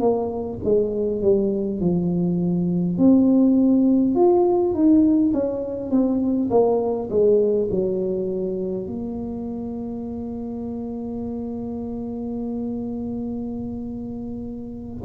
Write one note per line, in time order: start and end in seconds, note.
0.00 0.59 A#3
0.64 1.22 G#3
1.22 1.80 G3
1.80 2.98 F3
2.98 4.15 C4
4.15 4.74 F4
4.74 5.33 D#4
5.34 5.91 C#4
5.91 6.50 C4
6.50 7.09 A#3
7.10 7.68 G#3
7.71 8.87 F#3
8.87 15.04 A#3